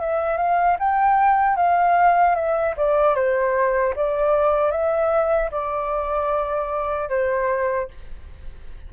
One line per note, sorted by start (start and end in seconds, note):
0.00 0.37 E5
0.37 0.76 F5
0.79 1.56 G5
1.56 2.35 F5
2.35 2.74 E5
2.76 3.15 D5
3.15 3.94 C5
3.95 4.71 D5
4.71 5.50 E5
5.51 7.09 D5
7.09 7.88 C5